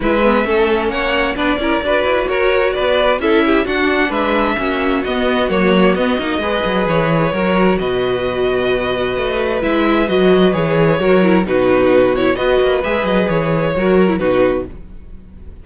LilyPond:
<<
  \new Staff \with { instrumentName = "violin" } { \time 4/4 \tempo 4 = 131 e''2 fis''4 d''4~ | d''4 cis''4 d''4 e''4 | fis''4 e''2 dis''4 | cis''4 dis''2 cis''4~ |
cis''4 dis''2.~ | dis''4 e''4 dis''4 cis''4~ | cis''4 b'4. cis''8 dis''4 | e''8 dis''8 cis''2 b'4 | }
  \new Staff \with { instrumentName = "violin" } { \time 4/4 b'4 a'4 cis''4 b'8 ais'8 | b'4 ais'4 b'4 a'8 g'8 | fis'4 b'4 fis'2~ | fis'2 b'2 |
ais'4 b'2.~ | b'1 | ais'4 fis'2 b'4~ | b'2 ais'4 fis'4 | }
  \new Staff \with { instrumentName = "viola" } { \time 4/4 e'8 b8 cis'2 d'8 e'8 | fis'2. e'4 | d'2 cis'4 b4 | ais4 b8 dis'8 gis'2 |
fis'1~ | fis'4 e'4 fis'4 gis'4 | fis'8 e'8 dis'4. e'8 fis'4 | gis'2 fis'8. e'16 dis'4 | }
  \new Staff \with { instrumentName = "cello" } { \time 4/4 gis4 a4 ais4 b8 cis'8 | d'8 e'8 fis'4 b4 cis'4 | d'4 gis4 ais4 b4 | fis4 b8 ais8 gis8 fis8 e4 |
fis4 b,2. | a4 gis4 fis4 e4 | fis4 b,2 b8 ais8 | gis8 fis8 e4 fis4 b,4 | }
>>